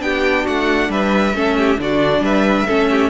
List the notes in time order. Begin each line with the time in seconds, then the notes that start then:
0.00 B3 D4 G4 G5
0.45 A3 F#4 F#5
0.89 G3 B4 E5
1.34 A3 C#4 A4
1.58 G4
1.79 D3 D4 F#4 D5
2.20 G3 B4 E5
2.67 A3 C#4 A4
2.91 G4